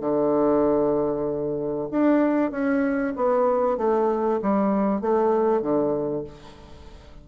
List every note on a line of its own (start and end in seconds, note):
0.00 1.88 D3
1.91 2.51 D4
2.51 3.13 C#4
3.16 3.77 B3
3.77 4.40 A3
4.42 5.01 G3
5.01 5.61 A3
5.61 6.24 D3